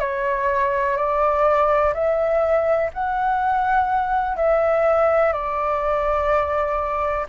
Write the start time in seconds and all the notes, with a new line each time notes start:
0.00 C#5
0.97 D5
1.94 E5
2.93 F#5
4.37 E5
5.33 D5